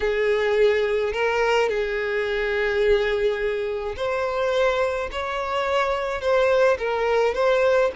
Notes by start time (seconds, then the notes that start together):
0.00 G#4
1.12 A#4
1.69 G#4
3.96 C5
5.11 C#5
6.21 C5
6.78 A#4
7.34 C5